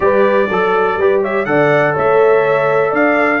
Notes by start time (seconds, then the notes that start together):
0.00 G3 G4 B4 D5
0.47 F#3 A4
0.97 G3 G4 B4
1.22 C#5 E5
1.45 D3 A4 D5 F#5
1.94 A3 C#5 E5
2.90 D4 D5 F5